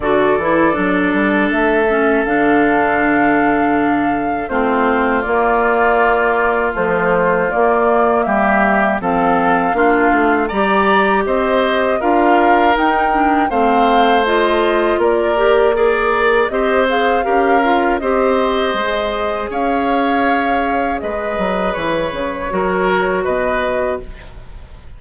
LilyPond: <<
  \new Staff \with { instrumentName = "flute" } { \time 4/4 \tempo 4 = 80 d''2 e''4 f''4~ | f''2 c''4 d''4~ | d''4 c''4 d''4 e''4 | f''2 ais''4 dis''4 |
f''4 g''4 f''4 dis''4 | d''4 ais'4 dis''8 f''4. | dis''2 f''2 | dis''4 cis''2 dis''4 | }
  \new Staff \with { instrumentName = "oboe" } { \time 4/4 a'1~ | a'2 f'2~ | f'2. g'4 | a'4 f'4 d''4 c''4 |
ais'2 c''2 | ais'4 d''4 c''4 ais'4 | c''2 cis''2 | b'2 ais'4 b'4 | }
  \new Staff \with { instrumentName = "clarinet" } { \time 4/4 fis'8 e'8 d'4. cis'8 d'4~ | d'2 c'4 ais4~ | ais4 f4 ais2 | c'4 d'4 g'2 |
f'4 dis'8 d'8 c'4 f'4~ | f'8 g'8 gis'4 g'8 gis'8 g'8 f'8 | g'4 gis'2.~ | gis'2 fis'2 | }
  \new Staff \with { instrumentName = "bassoon" } { \time 4/4 d8 e8 fis8 g8 a4 d4~ | d2 a4 ais4~ | ais4 a4 ais4 g4 | f4 ais8 a8 g4 c'4 |
d'4 dis'4 a2 | ais2 c'4 cis'4 | c'4 gis4 cis'2 | gis8 fis8 e8 cis8 fis4 b,4 | }
>>